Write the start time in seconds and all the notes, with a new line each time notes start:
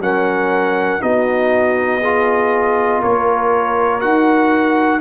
0.00 F#3 C#4 A#4 F#5
1.00 B3 D#4 F#4 D#5
2.01 F4 G#4
3.00 A#3 A#4 C#5
4.01 D#4 F#4 F#5